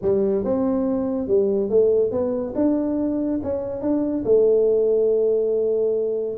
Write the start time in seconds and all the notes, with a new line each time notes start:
0.02 G3
0.44 C4
1.27 G3
1.69 A3
2.11 B3
2.55 D4
3.43 C#4
3.81 D4
4.24 A3